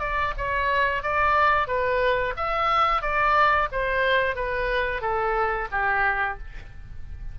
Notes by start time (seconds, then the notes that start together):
0.00 D5
0.38 C#5
1.03 D5
1.67 B4
2.36 E5
3.02 D5
3.72 C5
4.35 B4
5.01 A4
5.72 G4